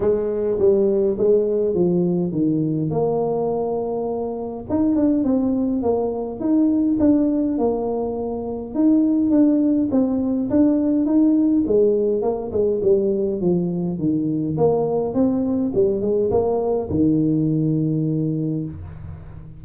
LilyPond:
\new Staff \with { instrumentName = "tuba" } { \time 4/4 \tempo 4 = 103 gis4 g4 gis4 f4 | dis4 ais2. | dis'8 d'8 c'4 ais4 dis'4 | d'4 ais2 dis'4 |
d'4 c'4 d'4 dis'4 | gis4 ais8 gis8 g4 f4 | dis4 ais4 c'4 g8 gis8 | ais4 dis2. | }